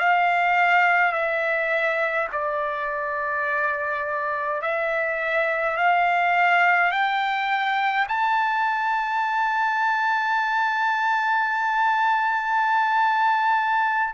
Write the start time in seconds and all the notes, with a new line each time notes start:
0.00 F5
1.13 E5
2.32 D5
4.62 E5
5.77 F5
6.92 G5
8.08 A5